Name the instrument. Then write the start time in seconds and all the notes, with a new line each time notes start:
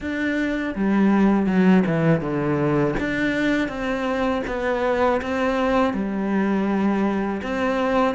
cello
0.00 D4
0.75 G3
1.46 F#3
1.86 E3
2.21 D3
2.99 D4
3.68 C4
4.47 B3
5.21 C4
5.93 G3
7.42 C4